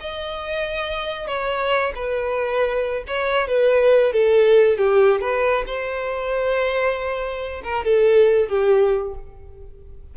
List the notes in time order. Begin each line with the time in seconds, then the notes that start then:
0.00 D#5
1.27 C#5
1.95 B4
3.07 C#5
3.48 B4
4.13 A4
4.78 G4
5.21 B4
5.67 C5
7.64 A#4
7.85 A4
8.49 G4